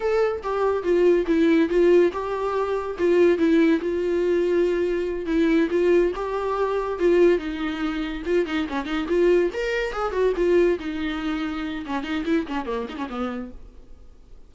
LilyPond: \new Staff \with { instrumentName = "viola" } { \time 4/4 \tempo 4 = 142 a'4 g'4 f'4 e'4 | f'4 g'2 f'4 | e'4 f'2.~ | f'8 e'4 f'4 g'4.~ |
g'8 f'4 dis'2 f'8 | dis'8 cis'8 dis'8 f'4 ais'4 gis'8 | fis'8 f'4 dis'2~ dis'8 | cis'8 dis'8 e'8 cis'8 ais8 dis'16 cis'16 b4 | }